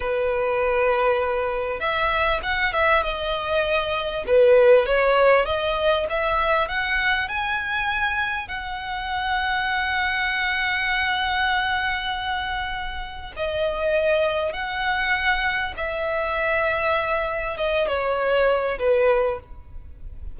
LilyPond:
\new Staff \with { instrumentName = "violin" } { \time 4/4 \tempo 4 = 99 b'2. e''4 | fis''8 e''8 dis''2 b'4 | cis''4 dis''4 e''4 fis''4 | gis''2 fis''2~ |
fis''1~ | fis''2 dis''2 | fis''2 e''2~ | e''4 dis''8 cis''4. b'4 | }